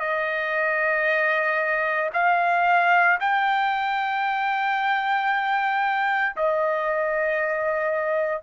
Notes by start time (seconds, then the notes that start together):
0.00 D#5
2.13 F5
3.20 G5
6.36 D#5